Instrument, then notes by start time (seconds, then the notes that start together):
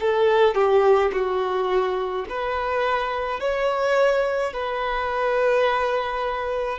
violin
0.00 A4
0.55 G4
1.12 F#4
2.29 B4
3.40 C#5
4.53 B4